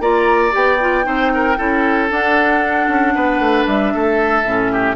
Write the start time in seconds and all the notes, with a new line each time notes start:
0.00 A#3 F4 D5 A#5
0.51 B3 G4 G5
0.80 F4
1.03 C4 D#4 C5
1.34 A#4
1.57 C#4 E4 A4
2.09 D4 F#5
2.88 C#4
3.15 B3 B4
3.39 A3
3.66 G3 E5
3.94 A3 A4
4.44 A2 C#4
4.72 G4